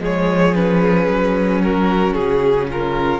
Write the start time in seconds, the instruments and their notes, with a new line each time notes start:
0.00 cello F3, viola G#3, violin G#4 C#5
0.55 viola C#4, violin B4
1.08 cello F#3
1.62 violin F#4 A#4
2.14 cello C#3, violin G#4
2.69 violin F4 A#4